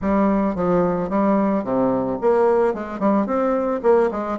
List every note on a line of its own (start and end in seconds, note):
0.01 0.55 G3
0.55 1.09 F3
1.09 1.63 G3
1.63 2.18 C3
2.21 2.74 A#3
2.74 2.99 G#3
2.99 3.26 G3
3.26 3.81 C4
3.82 4.10 A#3
4.11 4.38 G#3